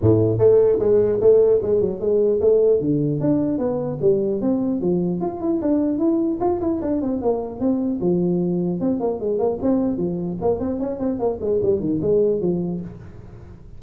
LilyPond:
\new Staff \with { instrumentName = "tuba" } { \time 4/4 \tempo 4 = 150 a,4 a4 gis4 a4 | gis8 fis8 gis4 a4 d4 | d'4 b4 g4 c'4 | f4 f'8 e'8 d'4 e'4 |
f'8 e'8 d'8 c'8 ais4 c'4 | f2 c'8 ais8 gis8 ais8 | c'4 f4 ais8 c'8 cis'8 c'8 | ais8 gis8 g8 dis8 gis4 f4 | }